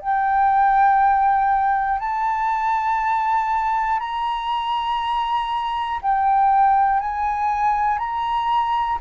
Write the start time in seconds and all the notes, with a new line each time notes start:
0.00 G5
2.00 A5
4.00 A#5
6.01 G5
7.00 G#5
7.98 A#5